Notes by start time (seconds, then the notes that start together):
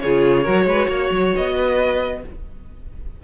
0.00 C#3 F4 G#4 C#5
0.43 F#3 F#4 A#4
0.65 G#3 B4
0.88 A#3 C#5
1.11 F#3
1.35 B3 D#5
1.56 B4